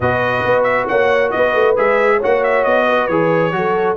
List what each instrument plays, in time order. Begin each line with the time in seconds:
0.00 tuba B2, trombone F#4, horn B4, trumpet D#5
0.44 tuba B3
0.63 trumpet E5
0.87 tuba A#3, horn C#5, trumpet F#5
1.30 tuba B3, horn B4, trumpet D#5
1.54 tuba A3
1.76 tuba G#3, trombone G#4, trumpet E5
2.17 trombone F#4, horn C#5
2.23 tuba A#3, trumpet F#5
2.43 trumpet E5
2.63 tuba B3, trumpet D#5
2.86 horn B4
3.07 tuba E3, trombone G#4, trumpet C#5
3.52 tuba F#3, trombone F#4, horn A4